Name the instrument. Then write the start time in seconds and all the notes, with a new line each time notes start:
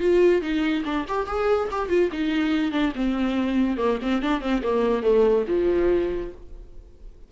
viola
0.00 F4
0.42 D#4
0.85 D4
1.08 G4
1.27 G#4
1.72 G4
1.89 F4
2.13 D#4
2.72 D4
2.96 C4
3.78 A#3
4.03 C4
4.23 D4
4.41 C4
4.63 A#3
5.03 A3
5.48 F3